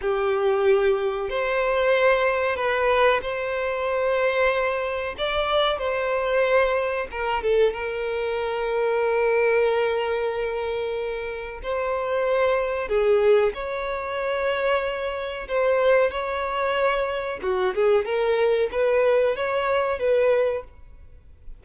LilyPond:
\new Staff \with { instrumentName = "violin" } { \time 4/4 \tempo 4 = 93 g'2 c''2 | b'4 c''2. | d''4 c''2 ais'8 a'8 | ais'1~ |
ais'2 c''2 | gis'4 cis''2. | c''4 cis''2 fis'8 gis'8 | ais'4 b'4 cis''4 b'4 | }